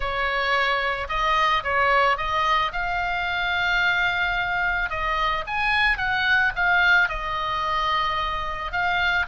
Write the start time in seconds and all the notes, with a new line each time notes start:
0.00 C#5
1.08 D#5
1.63 C#5
2.17 D#5
2.72 F5
4.90 D#5
5.46 G#5
5.97 F#5
6.55 F5
7.08 D#5
8.71 F5